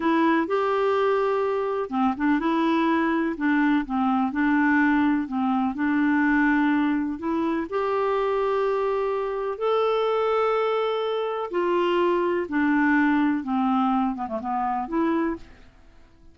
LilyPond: \new Staff \with { instrumentName = "clarinet" } { \time 4/4 \tempo 4 = 125 e'4 g'2. | c'8 d'8 e'2 d'4 | c'4 d'2 c'4 | d'2. e'4 |
g'1 | a'1 | f'2 d'2 | c'4. b16 a16 b4 e'4 | }